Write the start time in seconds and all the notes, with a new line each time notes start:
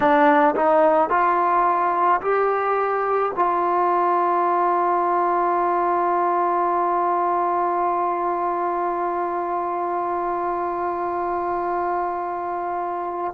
0.00 D4
0.55 D#4
1.09 F4
2.21 G4
3.35 F4